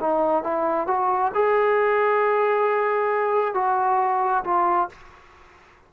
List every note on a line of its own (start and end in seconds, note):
0.00 0.43 D#4
0.43 0.87 E4
0.87 1.32 F#4
1.34 3.54 G#4
3.54 4.44 F#4
4.44 4.89 F4